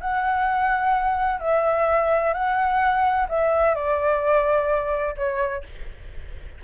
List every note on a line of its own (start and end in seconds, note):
0.00 1.40 F#5
1.40 2.33 E5
2.33 3.27 F#5
3.29 3.74 E5
3.74 5.15 D5
5.16 5.63 C#5